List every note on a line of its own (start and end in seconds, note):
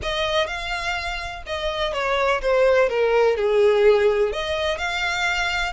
0.02 0.47 D#5
0.47 1.43 F5
1.46 1.93 D#5
1.93 2.41 C#5
2.41 2.89 C5
2.89 3.36 A#4
3.36 4.32 G#4
4.32 4.78 D#5
4.78 5.73 F5